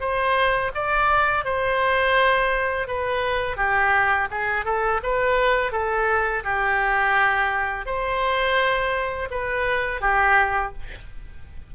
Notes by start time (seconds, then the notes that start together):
0.00 C5
0.75 D5
1.44 C5
2.87 B4
3.57 G4
4.30 G#4
4.65 A4
5.03 B4
5.72 A4
6.44 G4
7.86 C5
9.31 B4
10.01 G4